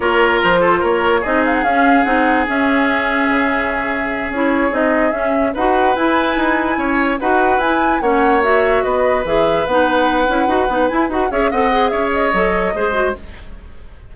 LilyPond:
<<
  \new Staff \with { instrumentName = "flute" } { \time 4/4 \tempo 4 = 146 cis''4 c''4 cis''4 dis''8 f''16 fis''16 | f''4 fis''4 e''2~ | e''2~ e''8 cis''4 dis''8~ | dis''8 e''4 fis''4 gis''4.~ |
gis''4. fis''4 gis''4 fis''8~ | fis''8 e''4 dis''4 e''4 fis''8~ | fis''2~ fis''8 gis''8 fis''8 e''8 | fis''4 e''8 dis''2~ dis''8 | }
  \new Staff \with { instrumentName = "oboe" } { \time 4/4 ais'4. a'8 ais'4 gis'4~ | gis'1~ | gis'1~ | gis'4. b'2~ b'8~ |
b'8 cis''4 b'2 cis''8~ | cis''4. b'2~ b'8~ | b'2.~ b'8 cis''8 | dis''4 cis''2 c''4 | }
  \new Staff \with { instrumentName = "clarinet" } { \time 4/4 f'2. dis'4 | cis'4 dis'4 cis'2~ | cis'2~ cis'8 e'4 dis'8~ | dis'8 cis'4 fis'4 e'4.~ |
e'4. fis'4 e'4 cis'8~ | cis'8 fis'2 gis'4 dis'8~ | dis'4 e'8 fis'8 dis'8 e'8 fis'8 gis'8 | a'8 gis'4. a'4 gis'8 fis'8 | }
  \new Staff \with { instrumentName = "bassoon" } { \time 4/4 ais4 f4 ais4 c'4 | cis'4 c'4 cis'2 | cis2~ cis8 cis'4 c'8~ | c'8 cis'4 dis'4 e'4 dis'8~ |
dis'8 cis'4 dis'4 e'4 ais8~ | ais4. b4 e4 b8~ | b4 cis'8 dis'8 b8 e'8 dis'8 cis'8 | c'4 cis'4 fis4 gis4 | }
>>